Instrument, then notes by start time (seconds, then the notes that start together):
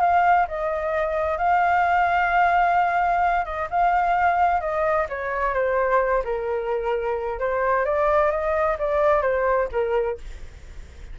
flute
0.00 F5
0.47 D#5
1.37 F5
3.45 D#5
3.70 F5
4.60 D#5
5.09 C#5
5.53 C5
6.24 A#4
7.39 C5
7.85 D5
8.31 D#5
8.78 D5
9.22 C5
9.72 A#4